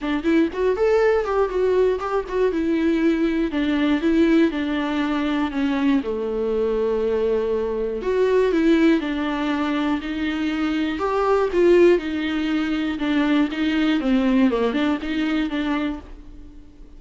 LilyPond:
\new Staff \with { instrumentName = "viola" } { \time 4/4 \tempo 4 = 120 d'8 e'8 fis'8 a'4 g'8 fis'4 | g'8 fis'8 e'2 d'4 | e'4 d'2 cis'4 | a1 |
fis'4 e'4 d'2 | dis'2 g'4 f'4 | dis'2 d'4 dis'4 | c'4 ais8 d'8 dis'4 d'4 | }